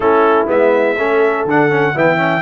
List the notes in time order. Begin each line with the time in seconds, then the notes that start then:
0.00 A3 C#4 E4 A4
0.47 G#3 B3 E5
0.97 A3 C#4 A4
1.45 D3 D4 F#5
1.69 C#4
1.94 E3 B3 E5 G5
2.16 C#4